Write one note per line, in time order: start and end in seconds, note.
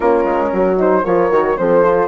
0.00 0.24 A#3
0.00 0.76 C#4
0.00 0.50 F4
0.00 0.76 A#4
0.24 0.50 G#3
0.52 1.04 F#3
0.52 1.04 F#4
0.76 1.03 D#4
0.76 1.05 C5
1.04 1.30 F3
1.04 1.30 F4
1.04 1.56 A#4
1.04 1.57 C#5
1.30 1.57 D#3
1.30 1.57 F#4
1.57 2.07 F3
1.57 1.82 C4
1.57 2.07 A4
1.57 2.07 C5
1.82 2.07 F4